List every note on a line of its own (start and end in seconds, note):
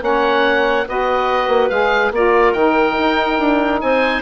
0.00 0.86 A#3
0.00 0.85 C#4
0.00 0.88 C#5
0.00 0.88 F#5
0.88 1.48 B3
0.88 1.71 F#4
0.88 2.14 B4
0.88 1.70 D#5
1.48 1.69 A#3
1.70 2.11 G#3
1.70 2.13 G#4
1.70 2.12 F5
2.11 2.53 A#3
2.11 2.56 F4
2.11 3.82 A#4
2.11 2.53 D5
2.53 2.96 D#3
2.53 4.22 D#4
2.53 3.80 G5
2.98 3.39 D#4
3.39 3.82 D4
3.82 4.22 C4
3.82 4.22 C5
3.82 4.22 G#5